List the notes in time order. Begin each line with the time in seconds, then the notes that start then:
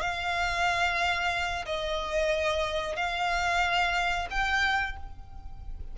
0.00 F5
1.65 D#5
2.96 F5
4.30 G5